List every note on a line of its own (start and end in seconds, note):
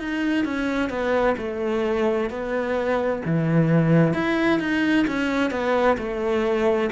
0.00 0.45 D#4
0.45 0.90 C#4
0.90 1.36 B3
1.38 2.30 A3
2.30 3.23 B3
3.26 4.14 E3
4.14 4.60 E4
4.60 5.06 D#4
5.08 5.51 C#4
5.51 5.97 B3
5.98 6.90 A3